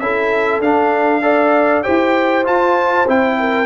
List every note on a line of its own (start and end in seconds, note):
0.00 0.60 C#4
0.00 0.63 E4
0.00 1.23 A4
0.00 0.61 E5
0.60 1.83 D4
0.60 1.22 D4
0.60 1.84 F5
1.22 1.83 A4
1.22 1.84 D5
1.84 2.48 E4
1.84 2.45 G4
1.84 3.37 C5
1.84 2.45 G5
2.45 3.06 F4
2.45 3.08 F4
2.45 3.08 A5
3.08 3.67 C4
3.08 3.67 E4
3.08 3.67 G5
3.40 3.67 A#4